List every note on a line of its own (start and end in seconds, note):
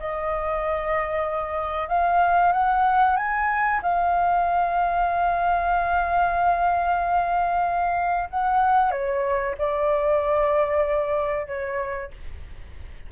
0.00 1.89 D#5
1.89 2.53 F5
2.53 3.17 F#5
3.17 3.81 G#5
3.83 8.29 F5
8.30 8.92 F#5
8.92 9.55 C#5
9.58 11.47 D5
11.47 12.11 C#5